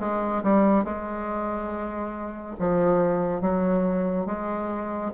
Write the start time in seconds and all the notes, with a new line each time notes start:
0.00 G#3
0.44 G3
0.85 G#3
2.59 F3
3.42 F#3
4.26 G#3